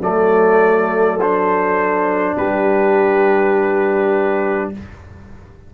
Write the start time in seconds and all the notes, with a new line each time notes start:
0.00 F#3 A3 A4 D5
1.21 D4 C5
2.37 G3 G4 B4